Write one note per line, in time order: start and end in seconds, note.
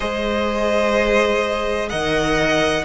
0.00 1.91 G#3
0.00 1.90 G#4
0.00 1.89 C5
0.00 1.89 D#5
1.89 2.85 D#3
1.89 2.85 A#4
1.89 2.85 D#5
1.89 2.84 F#5